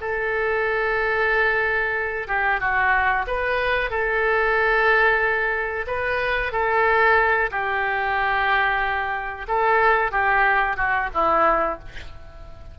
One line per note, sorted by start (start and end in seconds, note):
0.00 2.27 A4
2.27 2.60 G4
2.60 3.25 F#4
3.26 3.90 B4
3.90 5.85 A4
5.86 6.52 B4
6.52 7.50 A4
7.51 9.46 G4
9.47 10.11 A4
10.11 10.76 G4
10.76 11.09 F#4
11.13 11.79 E4